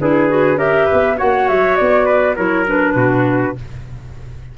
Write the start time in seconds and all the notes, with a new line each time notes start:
0.00 D4 E4 G#4 B4
0.29 F#4
0.55 C#4 G4 A#4 E5
0.86 B4
0.93 B3
1.17 A#3 F#4 C#5 F#5
1.48 F#3 E5
1.76 B3 D5
2.06 B4
2.36 F#3 E4 A#4 C#5
2.67 D4 B4
2.95 B2 F#4